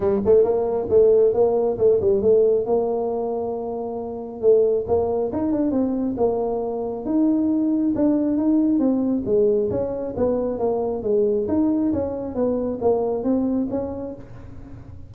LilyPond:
\new Staff \with { instrumentName = "tuba" } { \time 4/4 \tempo 4 = 136 g8 a8 ais4 a4 ais4 | a8 g8 a4 ais2~ | ais2 a4 ais4 | dis'8 d'8 c'4 ais2 |
dis'2 d'4 dis'4 | c'4 gis4 cis'4 b4 | ais4 gis4 dis'4 cis'4 | b4 ais4 c'4 cis'4 | }